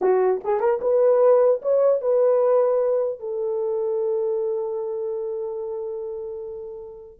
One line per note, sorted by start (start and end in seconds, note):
0.01 0.41 F#4
0.44 0.59 G#4
0.59 0.79 A#4
0.81 1.61 B4
1.61 2.01 C#5
2.01 3.19 B4
3.19 7.19 A4